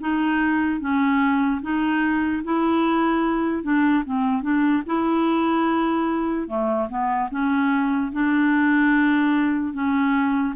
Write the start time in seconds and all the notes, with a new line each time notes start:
0.00 D#4
0.80 C#4
1.61 D#4
2.44 E4
3.63 D4
4.05 C4
4.42 D4
4.86 E4
6.48 A3
6.89 B3
7.30 C#4
8.12 D4
9.73 C#4